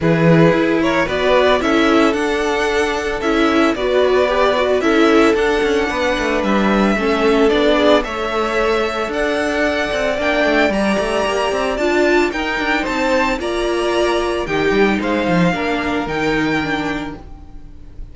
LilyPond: <<
  \new Staff \with { instrumentName = "violin" } { \time 4/4 \tempo 4 = 112 b'4. cis''8 d''4 e''4 | fis''2 e''4 d''4~ | d''4 e''4 fis''2 | e''2 d''4 e''4~ |
e''4 fis''2 g''4 | ais''2 a''4 g''4 | a''4 ais''2 g''4 | f''2 g''2 | }
  \new Staff \with { instrumentName = "violin" } { \time 4/4 gis'4. ais'8 b'4 a'4~ | a'2. b'4~ | b'4 a'2 b'4~ | b'4 a'4. gis'8 cis''4~ |
cis''4 d''2.~ | d''2. ais'4 | c''4 d''2 g'4 | c''4 ais'2. | }
  \new Staff \with { instrumentName = "viola" } { \time 4/4 e'2 fis'4 e'4 | d'2 e'4 fis'4 | g'8 fis'8 e'4 d'2~ | d'4 cis'4 d'4 a'4~ |
a'2. d'4 | g'2 f'4 dis'4~ | dis'4 f'2 dis'4~ | dis'4 d'4 dis'4 d'4 | }
  \new Staff \with { instrumentName = "cello" } { \time 4/4 e4 e'4 b4 cis'4 | d'2 cis'4 b4~ | b4 cis'4 d'8 cis'8 b8 a8 | g4 a4 b4 a4~ |
a4 d'4. c'8 ais8 a8 | g8 a8 ais8 c'8 d'4 dis'8 d'8 | c'4 ais2 dis8 g8 | gis8 f8 ais4 dis2 | }
>>